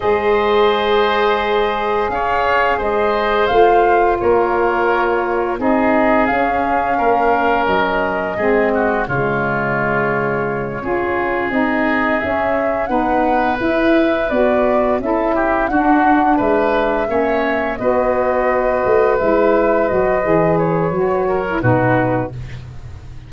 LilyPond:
<<
  \new Staff \with { instrumentName = "flute" } { \time 4/4 \tempo 4 = 86 dis''2. f''4 | dis''4 f''4 cis''2 | dis''4 f''2 dis''4~ | dis''4 cis''2.~ |
cis''8 dis''4 e''4 fis''4 e''8~ | e''8 d''4 e''4 fis''4 e''8~ | e''4. dis''2 e''8~ | e''8 dis''4 cis''4. b'4 | }
  \new Staff \with { instrumentName = "oboe" } { \time 4/4 c''2. cis''4 | c''2 ais'2 | gis'2 ais'2 | gis'8 fis'8 f'2~ f'8 gis'8~ |
gis'2~ gis'8 b'4.~ | b'4. a'8 g'8 fis'4 b'8~ | b'8 cis''4 b'2~ b'8~ | b'2~ b'8 ais'8 fis'4 | }
  \new Staff \with { instrumentName = "saxophone" } { \time 4/4 gis'1~ | gis'4 f'2. | dis'4 cis'2. | c'4 gis2~ gis8 f'8~ |
f'8 dis'4 cis'4 dis'4 e'8~ | e'8 fis'4 e'4 d'4.~ | d'8 cis'4 fis'2 e'8~ | e'8 fis'8 gis'4 fis'8. e'16 dis'4 | }
  \new Staff \with { instrumentName = "tuba" } { \time 4/4 gis2. cis'4 | gis4 a4 ais2 | c'4 cis'4 ais4 fis4 | gis4 cis2~ cis8 cis'8~ |
cis'8 c'4 cis'4 b4 e'8~ | e'8 b4 cis'4 d'4 gis8~ | gis8 ais4 b4. a8 gis8~ | gis8 fis8 e4 fis4 b,4 | }
>>